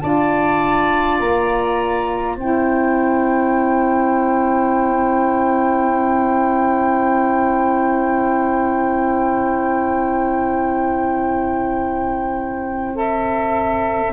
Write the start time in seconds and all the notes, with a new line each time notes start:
0.00 D4 F4 D5 A5
1.19 A#3 A#5
2.36 C4 E4 C5 G5
12.95 A4 E5